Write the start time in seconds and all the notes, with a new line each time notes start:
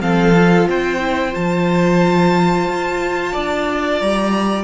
0.00 F3 C4 A4 F5
0.36 F4
0.68 C4 C5 G5
0.99 E4
1.32 F3 F4 A5
2.68 F4
3.33 D4 D5
4.01 G3 A#5